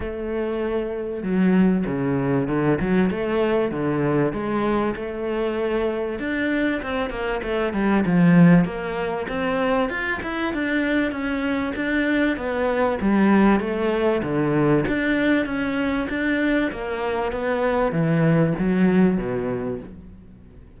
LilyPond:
\new Staff \with { instrumentName = "cello" } { \time 4/4 \tempo 4 = 97 a2 fis4 cis4 | d8 fis8 a4 d4 gis4 | a2 d'4 c'8 ais8 | a8 g8 f4 ais4 c'4 |
f'8 e'8 d'4 cis'4 d'4 | b4 g4 a4 d4 | d'4 cis'4 d'4 ais4 | b4 e4 fis4 b,4 | }